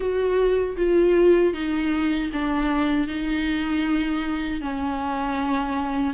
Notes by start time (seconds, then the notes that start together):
0.00 F#4
0.76 F4
1.53 D#4
2.33 D4
3.07 D#4
4.61 C#4